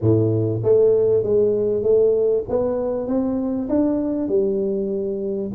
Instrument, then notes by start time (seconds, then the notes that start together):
tuba
0.01 A2
0.63 A3
1.23 G#3
1.82 A3
2.48 B3
3.07 C4
3.69 D4
4.28 G3